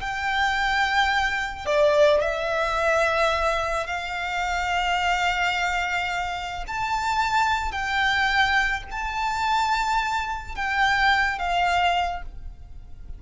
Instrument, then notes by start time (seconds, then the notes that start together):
violin
0.00 G5
1.65 D5
2.21 E5
3.86 F5
6.67 A5
7.71 G5
8.91 A5
10.55 G5
11.39 F5